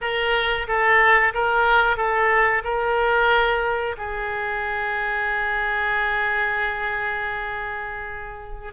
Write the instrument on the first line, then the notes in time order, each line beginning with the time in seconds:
oboe
0.01 A#4
0.67 A4
1.34 A#4
1.96 A4
2.64 A#4
3.97 G#4